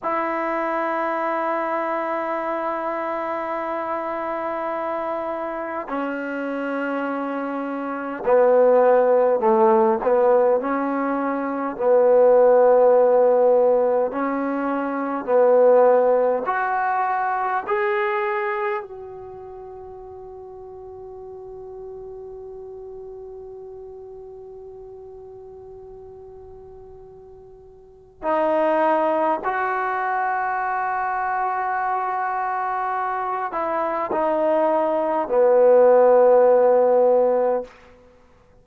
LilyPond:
\new Staff \with { instrumentName = "trombone" } { \time 4/4 \tempo 4 = 51 e'1~ | e'4 cis'2 b4 | a8 b8 cis'4 b2 | cis'4 b4 fis'4 gis'4 |
fis'1~ | fis'1 | dis'4 fis'2.~ | fis'8 e'8 dis'4 b2 | }